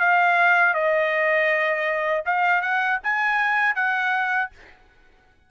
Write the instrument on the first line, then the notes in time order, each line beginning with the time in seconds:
trumpet
0.00 F5
0.74 D#5
2.26 F5
2.62 F#5
3.03 G#5
3.76 F#5